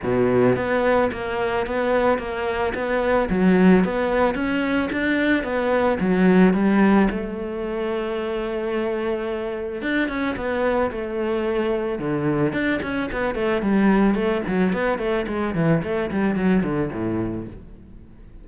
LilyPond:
\new Staff \with { instrumentName = "cello" } { \time 4/4 \tempo 4 = 110 b,4 b4 ais4 b4 | ais4 b4 fis4 b4 | cis'4 d'4 b4 fis4 | g4 a2.~ |
a2 d'8 cis'8 b4 | a2 d4 d'8 cis'8 | b8 a8 g4 a8 fis8 b8 a8 | gis8 e8 a8 g8 fis8 d8 a,4 | }